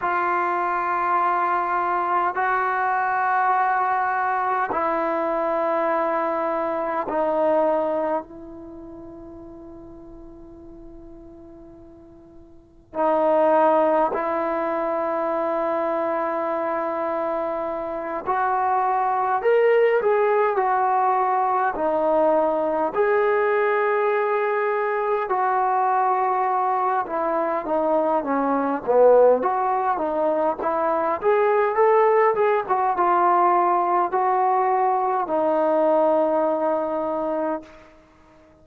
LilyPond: \new Staff \with { instrumentName = "trombone" } { \time 4/4 \tempo 4 = 51 f'2 fis'2 | e'2 dis'4 e'4~ | e'2. dis'4 | e'2.~ e'8 fis'8~ |
fis'8 ais'8 gis'8 fis'4 dis'4 gis'8~ | gis'4. fis'4. e'8 dis'8 | cis'8 b8 fis'8 dis'8 e'8 gis'8 a'8 gis'16 fis'16 | f'4 fis'4 dis'2 | }